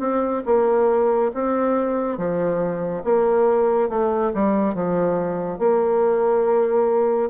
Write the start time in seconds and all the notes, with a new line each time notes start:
0.00 C4
0.46 A#3
1.34 C4
2.18 F3
3.05 A#3
3.89 A3
4.34 G3
4.75 F3
5.59 A#3